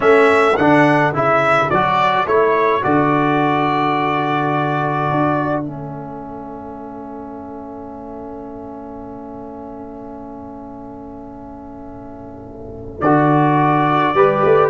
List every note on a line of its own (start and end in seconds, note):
0.00 0.57 A3
0.00 0.53 C#4
0.00 14.15 A4
0.00 0.56 E5
0.56 1.13 D3
0.56 1.13 D4
0.56 1.13 F#5
1.13 1.70 C#3
1.13 1.70 E4
1.13 1.69 E5
1.69 2.25 F#3
1.69 2.26 F#4
1.69 2.26 D5
2.25 2.82 A3
2.25 2.81 E4
2.25 2.83 C#5
2.81 5.10 D3
2.81 5.64 F#4
2.81 5.63 D5
5.10 5.67 D4
5.63 13.00 A3
5.63 13.00 C#4
5.63 12.99 E5
13.00 14.13 D3
13.00 14.15 F#4
13.00 14.70 D5
14.14 14.42 G3
14.14 14.70 G4
14.14 14.70 B4
14.44 14.70 A3